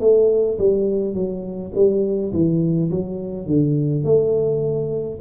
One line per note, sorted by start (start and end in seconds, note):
0.00 0.58 A3
0.58 1.14 G3
1.14 1.72 F#3
1.75 2.32 G3
2.33 2.91 E3
2.91 3.46 F#3
3.46 4.04 D3
4.04 5.19 A3